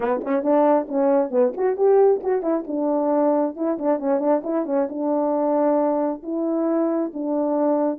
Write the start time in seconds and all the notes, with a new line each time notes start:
0.00 B3
0.23 C#4
0.42 D4
0.88 C#4
1.30 B3
1.56 F#4
1.76 G4
2.23 F#4
2.42 E4
2.67 D4
3.56 E4
3.78 D4
3.99 C#4
4.19 D4
4.43 E4
4.65 C#4
4.89 D4
6.23 E4
7.13 D4